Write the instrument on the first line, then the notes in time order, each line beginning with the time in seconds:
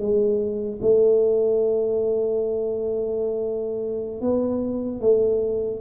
tuba
0.00 G#3
0.82 A3
4.21 B3
5.01 A3